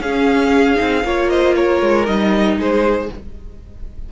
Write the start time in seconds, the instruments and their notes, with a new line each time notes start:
0.00 cello C#4, viola C#4, violin G#4 F5
0.75 cello C4, viola D#4
1.04 cello A#3, viola F4, violin C#5
1.29 violin C5 D#5
1.55 violin A#4 C#5
1.81 cello G#3
2.05 cello G3, viola D#4, violin D#5
2.57 cello G#3, violin G#4 C5